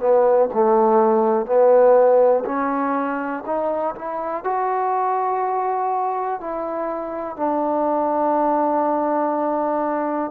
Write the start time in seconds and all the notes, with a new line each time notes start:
0.00 B3
0.54 A3
1.46 B3
2.45 C#4
3.46 D#4
3.96 E4
4.44 F#4
6.41 E4
7.37 D4